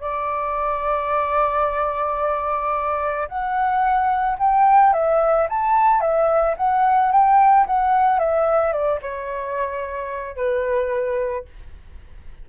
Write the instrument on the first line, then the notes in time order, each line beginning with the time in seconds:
flute
0.00 D5
3.28 F#5
4.38 G5
4.93 E5
5.49 A5
6.00 E5
6.57 F#5
7.11 G5
7.66 F#5
8.18 E5
8.72 D5
9.01 C#5
10.36 B4